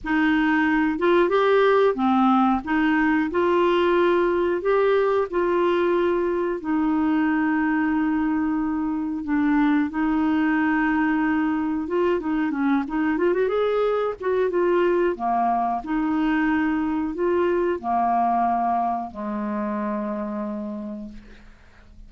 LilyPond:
\new Staff \with { instrumentName = "clarinet" } { \time 4/4 \tempo 4 = 91 dis'4. f'8 g'4 c'4 | dis'4 f'2 g'4 | f'2 dis'2~ | dis'2 d'4 dis'4~ |
dis'2 f'8 dis'8 cis'8 dis'8 | f'16 fis'16 gis'4 fis'8 f'4 ais4 | dis'2 f'4 ais4~ | ais4 gis2. | }